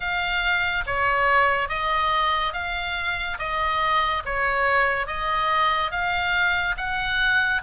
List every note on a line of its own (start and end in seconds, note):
0.00 0.84 F5
0.86 1.69 C#5
1.69 2.53 D#5
2.53 3.38 F5
3.38 4.23 D#5
4.25 5.07 C#5
5.07 5.91 D#5
5.91 6.75 F5
6.77 7.61 F#5